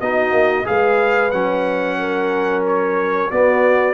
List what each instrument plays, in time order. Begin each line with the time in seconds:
0.00 tuba B3, trombone D#4, horn F#4, trumpet D#5
0.31 tuba A#3
0.64 tuba G#3, trombone G#4, horn B4, trumpet F5
1.31 tuba F#3, trombone C#4, trumpet F#5
1.98 horn A#4
2.66 trumpet C#5
3.30 trombone B3, tuba B3, horn F#4, trumpet D5